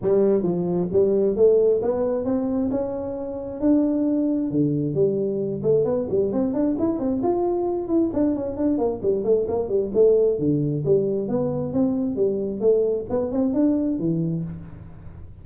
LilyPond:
\new Staff \with { instrumentName = "tuba" } { \time 4/4 \tempo 4 = 133 g4 f4 g4 a4 | b4 c'4 cis'2 | d'2 d4 g4~ | g8 a8 b8 g8 c'8 d'8 e'8 c'8 |
f'4. e'8 d'8 cis'8 d'8 ais8 | g8 a8 ais8 g8 a4 d4 | g4 b4 c'4 g4 | a4 b8 c'8 d'4 e4 | }